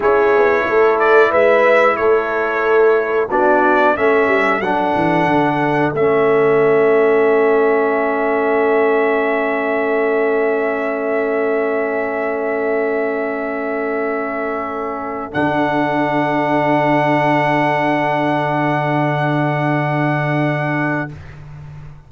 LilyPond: <<
  \new Staff \with { instrumentName = "trumpet" } { \time 4/4 \tempo 4 = 91 cis''4. d''8 e''4 cis''4~ | cis''4 d''4 e''4 fis''4~ | fis''4 e''2.~ | e''1~ |
e''1~ | e''2.~ e''16 fis''8.~ | fis''1~ | fis''1 | }
  \new Staff \with { instrumentName = "horn" } { \time 4/4 gis'4 a'4 b'4 a'4~ | a'4 fis'4 a'2~ | a'1~ | a'1~ |
a'1~ | a'1~ | a'1~ | a'1 | }
  \new Staff \with { instrumentName = "trombone" } { \time 4/4 e'1~ | e'4 d'4 cis'4 d'4~ | d'4 cis'2.~ | cis'1~ |
cis'1~ | cis'2.~ cis'16 d'8.~ | d'1~ | d'1 | }
  \new Staff \with { instrumentName = "tuba" } { \time 4/4 cis'8 b8 a4 gis4 a4~ | a4 b4 a8 g8 fis8 e8 | d4 a2.~ | a1~ |
a1~ | a2.~ a16 d8.~ | d1~ | d1 | }
>>